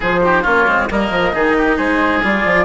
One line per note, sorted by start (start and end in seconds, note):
0.00 0.45 F3
0.00 0.22 F4
0.00 0.19 G#4
0.00 0.44 C5
0.23 0.44 D#4
0.23 0.42 G4
0.42 0.67 A#3
0.42 0.66 C#4
0.42 0.86 F4
0.42 0.88 C#5
0.67 0.89 G#3
0.67 0.89 C4
0.90 1.10 G3
0.90 1.32 A#3
0.90 1.34 A#4
0.90 1.77 D#5
1.10 1.32 F3
1.32 1.78 D#3
1.32 2.21 D#4
1.32 1.56 G#4
1.57 1.76 G4
1.76 2.23 G#3
1.76 2.64 G#4
1.76 2.22 C5
2.23 2.44 G3
2.23 2.65 F4
2.23 2.65 D5
2.44 2.65 F3